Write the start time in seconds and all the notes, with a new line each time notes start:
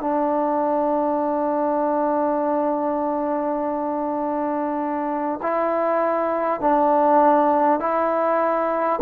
0.00 D4
5.42 E4
6.61 D4
7.79 E4